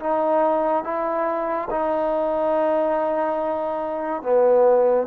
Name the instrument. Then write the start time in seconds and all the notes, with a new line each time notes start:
trombone
0.00 D#4
0.85 E4
1.71 D#4
4.23 B3